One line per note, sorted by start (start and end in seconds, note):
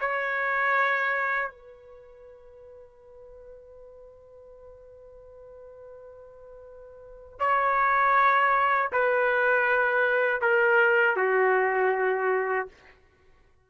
0.00 1.49 C#5
1.49 7.38 B4
7.39 8.91 C#5
8.92 10.41 B4
10.41 11.16 A#4
11.16 12.68 F#4